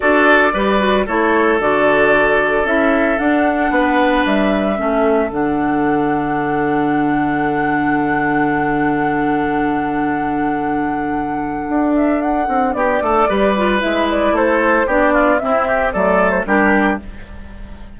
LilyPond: <<
  \new Staff \with { instrumentName = "flute" } { \time 4/4 \tempo 4 = 113 d''2 cis''4 d''4~ | d''4 e''4 fis''2 | e''2 fis''2~ | fis''1~ |
fis''1~ | fis''2~ fis''8 e''8 fis''4 | d''2 e''8 d''8 c''4 | d''4 e''4 d''8. c''16 ais'4 | }
  \new Staff \with { instrumentName = "oboe" } { \time 4/4 a'4 b'4 a'2~ | a'2. b'4~ | b'4 a'2.~ | a'1~ |
a'1~ | a'1 | g'8 a'8 b'2 a'4 | g'8 f'8 e'8 g'8 a'4 g'4 | }
  \new Staff \with { instrumentName = "clarinet" } { \time 4/4 fis'4 g'8 fis'8 e'4 fis'4~ | fis'4 e'4 d'2~ | d'4 cis'4 d'2~ | d'1~ |
d'1~ | d'1~ | d'4 g'8 f'8 e'2 | d'4 c'4 a4 d'4 | }
  \new Staff \with { instrumentName = "bassoon" } { \time 4/4 d'4 g4 a4 d4~ | d4 cis'4 d'4 b4 | g4 a4 d2~ | d1~ |
d1~ | d2 d'4. c'8 | b8 a8 g4 gis4 a4 | b4 c'4 fis4 g4 | }
>>